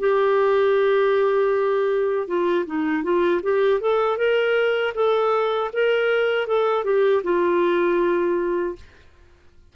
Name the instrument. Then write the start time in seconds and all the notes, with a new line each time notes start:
clarinet
0.00 G4
2.28 F4
2.67 D#4
3.03 F4
3.43 G4
3.81 A4
4.18 A#4
4.95 A4
5.73 A#4
6.48 A4
6.85 G4
7.24 F4